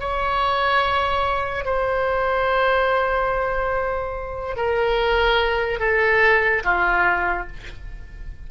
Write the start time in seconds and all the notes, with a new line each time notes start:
0.00 C#5
1.66 C5
4.57 A#4
5.80 A4
6.64 F4